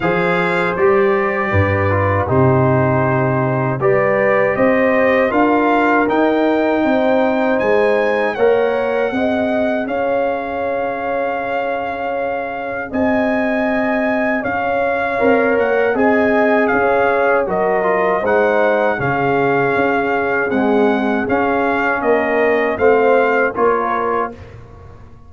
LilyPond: <<
  \new Staff \with { instrumentName = "trumpet" } { \time 4/4 \tempo 4 = 79 f''4 d''2 c''4~ | c''4 d''4 dis''4 f''4 | g''2 gis''4 fis''4~ | fis''4 f''2.~ |
f''4 gis''2 f''4~ | f''8 fis''8 gis''4 f''4 dis''4 | fis''4 f''2 fis''4 | f''4 dis''4 f''4 cis''4 | }
  \new Staff \with { instrumentName = "horn" } { \time 4/4 c''2 b'4 g'4~ | g'4 b'4 c''4 ais'4~ | ais'4 c''2 cis''4 | dis''4 cis''2.~ |
cis''4 dis''2 cis''4~ | cis''4 dis''4 cis''4 ais'4 | c''4 gis'2.~ | gis'4 ais'4 c''4 ais'4 | }
  \new Staff \with { instrumentName = "trombone" } { \time 4/4 gis'4 g'4. f'8 dis'4~ | dis'4 g'2 f'4 | dis'2. ais'4 | gis'1~ |
gis'1 | ais'4 gis'2 fis'8 f'8 | dis'4 cis'2 gis4 | cis'2 c'4 f'4 | }
  \new Staff \with { instrumentName = "tuba" } { \time 4/4 f4 g4 g,4 c4~ | c4 g4 c'4 d'4 | dis'4 c'4 gis4 ais4 | c'4 cis'2.~ |
cis'4 c'2 cis'4 | c'8 ais8 c'4 cis'4 fis4 | gis4 cis4 cis'4 c'4 | cis'4 ais4 a4 ais4 | }
>>